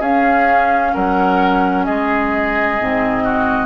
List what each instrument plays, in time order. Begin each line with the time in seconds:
0.00 bassoon C#4, clarinet C#4, oboe G#4, flute F5
0.94 bassoon F#3, oboe A#4, flute F#5
1.85 bassoon G#3, oboe G#4, flute D#5
2.80 bassoon G#2, clarinet C4
3.24 oboe F#4